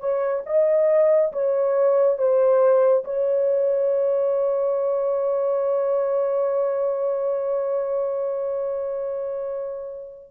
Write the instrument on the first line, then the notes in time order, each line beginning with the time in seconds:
horn
0.00 C#5
0.46 D#5
1.32 C#5
2.18 C5
3.04 C#5